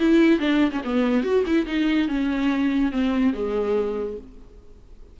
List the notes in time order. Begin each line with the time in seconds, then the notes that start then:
0.00 E4
0.40 D4
0.72 C#4
0.85 B3
1.24 F#4
1.47 E4
1.67 D#4
2.08 C#4
2.92 C4
3.34 G#3